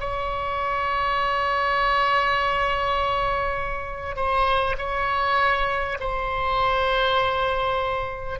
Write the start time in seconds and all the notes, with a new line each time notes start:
0.00 C#5
4.16 C5
4.78 C#5
6.00 C5